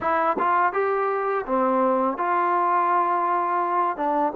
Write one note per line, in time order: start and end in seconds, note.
0.00 0.36 E4
0.38 0.73 F4
0.73 1.45 G4
1.46 2.17 C4
2.17 3.96 F4
3.96 4.32 D4